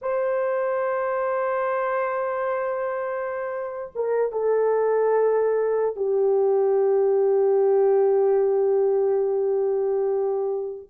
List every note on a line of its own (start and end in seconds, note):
0.01 3.92 C5
3.95 4.32 A#4
4.32 5.96 A4
5.96 10.89 G4